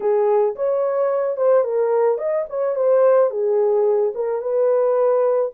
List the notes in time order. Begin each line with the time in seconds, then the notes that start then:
0.00 G#4
0.55 C#5
1.36 C5
1.64 A#4
2.17 D#5
2.49 C#5
2.75 C5
3.30 G#4
4.15 A#4
4.41 B4